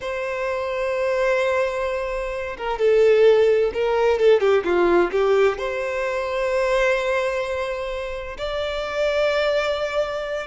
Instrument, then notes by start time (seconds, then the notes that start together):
violin
0.00 C5
2.57 A#4
2.78 A4
3.73 A#4
4.19 A4
4.40 G4
4.64 F4
5.11 G4
5.58 C5
8.37 D5